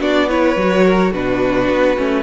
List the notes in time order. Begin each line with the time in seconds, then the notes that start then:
0.00 B3 D4 F#4 D5
0.29 E4 B4 C#5
0.56 F#3 F#4
0.85 A#4
1.12 B2 D4 F#4 B4
1.69 B3
1.97 A3 C#4